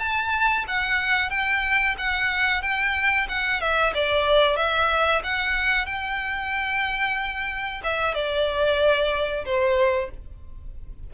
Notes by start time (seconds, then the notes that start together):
0.00 A5
0.68 F#5
1.30 G5
1.99 F#5
2.63 G5
3.29 F#5
3.61 E5
3.95 D5
4.57 E5
5.24 F#5
5.86 G5
7.84 E5
8.15 D5
9.46 C5